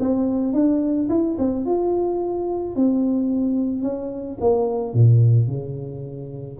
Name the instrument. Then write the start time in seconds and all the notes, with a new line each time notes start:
tuba
0.00 C4
0.53 D4
1.09 E4
1.38 C4
1.65 F4
2.75 C4
3.82 C#4
4.40 A#3
4.93 A#2
5.47 C#3